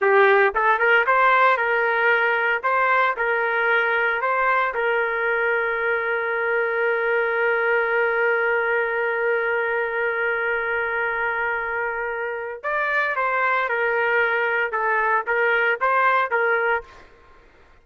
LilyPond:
\new Staff \with { instrumentName = "trumpet" } { \time 4/4 \tempo 4 = 114 g'4 a'8 ais'8 c''4 ais'4~ | ais'4 c''4 ais'2 | c''4 ais'2.~ | ais'1~ |
ais'1~ | ais'1 | d''4 c''4 ais'2 | a'4 ais'4 c''4 ais'4 | }